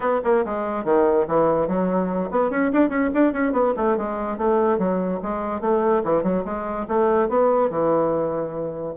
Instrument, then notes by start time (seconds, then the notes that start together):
bassoon
0.00 B3
0.24 A#3
0.45 G#3
0.84 D#3
1.27 E3
1.67 F#3
2.30 B3
2.50 C#4
2.72 D4
2.89 C#4
3.14 D4
3.33 C#4
3.52 B3
3.76 A3
3.97 G#3
4.37 A3
4.78 F#3
5.22 G#3
5.61 A3
6.04 E3
6.23 F#3
6.45 G#3
6.88 A3
7.29 B3
7.70 E3